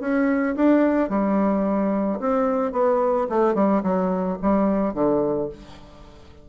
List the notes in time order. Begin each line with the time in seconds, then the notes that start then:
0.00 C#4
0.56 D4
1.09 G3
2.20 C4
2.72 B3
3.29 A3
3.54 G3
3.83 F#3
4.41 G3
4.94 D3